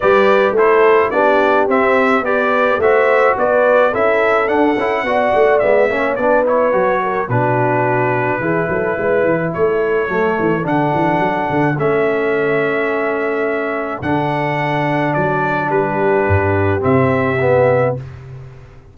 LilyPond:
<<
  \new Staff \with { instrumentName = "trumpet" } { \time 4/4 \tempo 4 = 107 d''4 c''4 d''4 e''4 | d''4 e''4 d''4 e''4 | fis''2 e''4 d''8 cis''8~ | cis''4 b'2.~ |
b'4 cis''2 fis''4~ | fis''4 e''2.~ | e''4 fis''2 d''4 | b'2 e''2 | }
  \new Staff \with { instrumentName = "horn" } { \time 4/4 b'4 a'4 g'2 | b'4 c''4 b'4 a'4~ | a'4 d''4. cis''8 b'4~ | b'8 ais'8 fis'2 gis'8 a'8 |
b'4 a'2.~ | a'1~ | a'1 | g'1 | }
  \new Staff \with { instrumentName = "trombone" } { \time 4/4 g'4 e'4 d'4 c'4 | g'4 fis'2 e'4 | d'8 e'8 fis'4 b8 cis'8 d'8 e'8 | fis'4 d'2 e'4~ |
e'2 a4 d'4~ | d'4 cis'2.~ | cis'4 d'2.~ | d'2 c'4 b4 | }
  \new Staff \with { instrumentName = "tuba" } { \time 4/4 g4 a4 b4 c'4 | b4 a4 b4 cis'4 | d'8 cis'8 b8 a8 gis8 ais8 b4 | fis4 b,2 e8 fis8 |
gis8 e8 a4 fis8 e8 d8 e8 | fis8 d8 a2.~ | a4 d2 fis4 | g4 g,4 c2 | }
>>